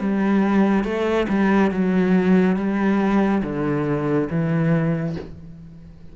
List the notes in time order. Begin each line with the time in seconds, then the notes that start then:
0.00 G3
0.84 A3
1.29 G3
1.71 F#3
2.56 G3
3.43 D3
4.30 E3